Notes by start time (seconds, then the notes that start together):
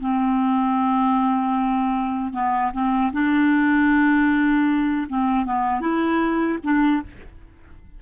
0.00 C4
2.33 B3
2.73 C4
3.12 D4
5.08 C4
5.45 B3
5.81 E4
6.63 D4